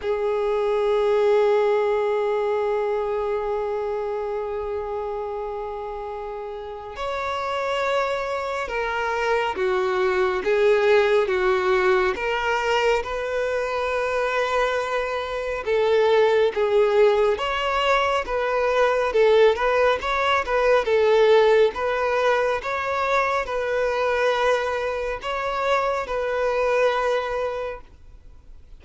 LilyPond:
\new Staff \with { instrumentName = "violin" } { \time 4/4 \tempo 4 = 69 gis'1~ | gis'1 | cis''2 ais'4 fis'4 | gis'4 fis'4 ais'4 b'4~ |
b'2 a'4 gis'4 | cis''4 b'4 a'8 b'8 cis''8 b'8 | a'4 b'4 cis''4 b'4~ | b'4 cis''4 b'2 | }